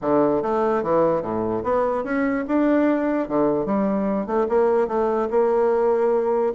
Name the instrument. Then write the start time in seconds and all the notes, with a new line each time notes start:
bassoon
0.01 D3
0.42 A3
0.82 E3
1.22 A2
1.63 B3
2.03 C#4
2.47 D4
3.28 D3
3.65 G3
4.26 A3
4.49 A#3
4.87 A3
5.30 A#3